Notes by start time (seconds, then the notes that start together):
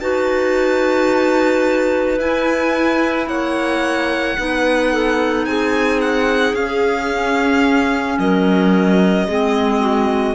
0.00 D#4 F#4 B4 A5
2.18 E4 G#5
3.27 A#3 C#5 F#5
4.37 B3 D#4 B4
4.92 A4
5.45 C4 G#4 G#5
6.01 F#5
6.54 C#4 G#4 F5
7.11 C#4
8.18 F#3 A#4 D#5
9.27 G#3 C4 G#4
9.79 F#4